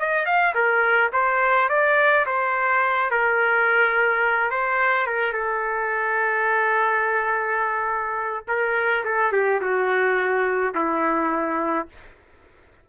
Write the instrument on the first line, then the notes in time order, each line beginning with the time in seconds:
trumpet
0.00 D#5
0.26 F5
0.55 A#4
1.13 C5
1.70 D5
2.27 C5
3.11 A#4
4.51 C5
5.07 A#4
5.33 A4
8.48 A#4
9.05 A4
9.33 G4
9.61 F#4
10.75 E4